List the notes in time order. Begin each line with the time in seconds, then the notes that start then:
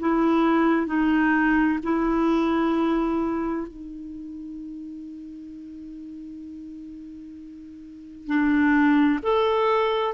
0.00 E4
0.87 D#4
1.83 E4
3.68 D#4
8.27 D4
9.23 A4